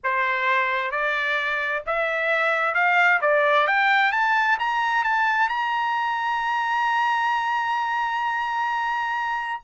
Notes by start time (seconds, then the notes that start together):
0.03 C5
0.91 D5
1.86 E5
2.74 F5
3.21 D5
3.67 G5
4.12 A5
4.59 A#5
5.03 A5
5.49 A#5